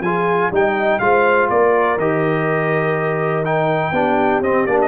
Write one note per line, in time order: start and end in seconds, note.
0.00 0.49 F3
0.00 0.52 F4
0.00 0.50 G#4
0.00 0.51 G#5
0.50 1.00 G3
0.50 1.00 D#4
0.50 0.99 D#5
0.50 0.99 G5
0.99 1.49 G#3
0.99 1.98 F4
0.99 1.50 C5
0.99 1.47 F5
1.49 1.97 A#3
1.49 3.94 A#4
1.49 1.98 D5
1.97 3.91 D#3
1.97 3.44 G4
1.97 3.45 D#5
3.44 3.93 D#4
3.44 4.42 G5
3.91 4.40 B3
3.91 4.43 D4
3.91 4.88 G4
4.41 4.65 C4
4.41 4.68 C4
4.41 4.66 D#5
4.66 4.88 A#3
4.66 4.88 D4
4.66 4.78 D5
4.81 4.88 D#5